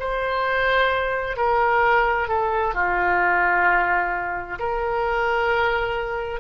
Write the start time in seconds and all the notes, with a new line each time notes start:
0.00 C5
1.37 A#4
2.29 A4
2.74 F4
4.59 A#4